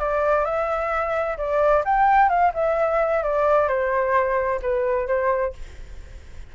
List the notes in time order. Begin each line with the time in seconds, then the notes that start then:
0.00 D5
0.45 E5
1.38 D5
1.85 G5
2.30 F5
2.55 E5
3.23 D5
3.68 C5
4.63 B4
5.08 C5